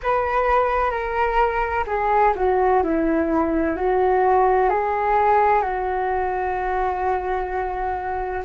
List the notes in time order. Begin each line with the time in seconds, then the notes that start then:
0.03 B4
0.90 A#4
1.86 G#4
2.35 F#4
2.83 E4
3.76 F#4
4.69 G#4
5.62 F#4